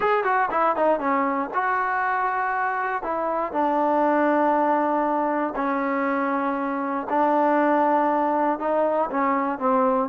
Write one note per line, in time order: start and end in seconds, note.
0.00 0.24 G#4
0.24 0.49 F#4
0.50 0.76 E4
0.76 0.99 D#4
0.99 1.50 C#4
1.54 3.02 F#4
3.02 3.52 E4
3.52 5.54 D4
5.55 7.07 C#4
7.09 8.59 D4
8.59 9.09 D#4
9.10 9.58 C#4
9.58 10.09 C4